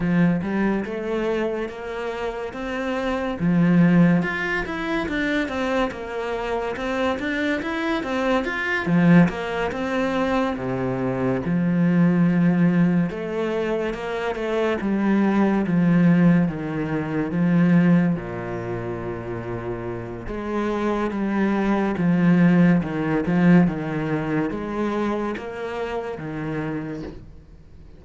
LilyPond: \new Staff \with { instrumentName = "cello" } { \time 4/4 \tempo 4 = 71 f8 g8 a4 ais4 c'4 | f4 f'8 e'8 d'8 c'8 ais4 | c'8 d'8 e'8 c'8 f'8 f8 ais8 c'8~ | c'8 c4 f2 a8~ |
a8 ais8 a8 g4 f4 dis8~ | dis8 f4 ais,2~ ais,8 | gis4 g4 f4 dis8 f8 | dis4 gis4 ais4 dis4 | }